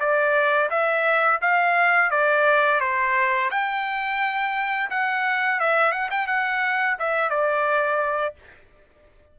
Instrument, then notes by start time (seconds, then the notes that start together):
trumpet
0.00 D5
0.70 E5
1.42 F5
2.11 D5
2.80 C5
3.51 G5
4.91 F#5
5.60 E5
5.92 F#5
6.11 G5
6.27 F#5
6.99 E5
7.30 D5